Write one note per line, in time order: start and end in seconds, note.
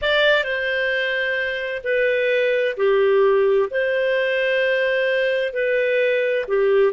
0.01 0.43 D5
0.43 1.82 C5
1.83 2.76 B4
2.77 3.69 G4
3.70 5.53 C5
5.53 6.45 B4
6.47 6.92 G4